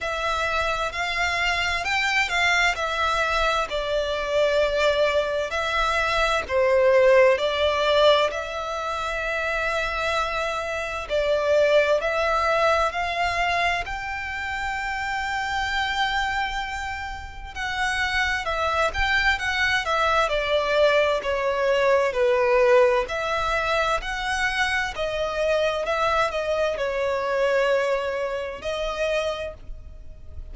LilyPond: \new Staff \with { instrumentName = "violin" } { \time 4/4 \tempo 4 = 65 e''4 f''4 g''8 f''8 e''4 | d''2 e''4 c''4 | d''4 e''2. | d''4 e''4 f''4 g''4~ |
g''2. fis''4 | e''8 g''8 fis''8 e''8 d''4 cis''4 | b'4 e''4 fis''4 dis''4 | e''8 dis''8 cis''2 dis''4 | }